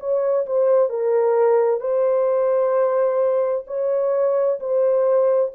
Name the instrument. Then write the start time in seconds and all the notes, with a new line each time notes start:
horn
0.00 C#5
0.47 C5
0.90 A#4
1.81 C5
3.68 C#5
4.60 C5